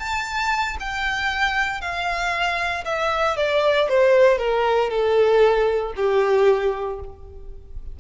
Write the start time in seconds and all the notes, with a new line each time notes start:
0.00 A5
0.80 G5
1.81 F5
2.85 E5
3.37 D5
3.89 C5
4.39 A#4
4.90 A4
5.97 G4